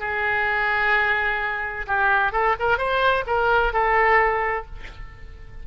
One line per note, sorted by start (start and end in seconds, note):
0.00 1.86 G#4
1.87 2.32 G4
2.32 2.55 A4
2.60 2.78 A#4
2.78 3.24 C5
3.26 3.73 A#4
3.73 4.66 A4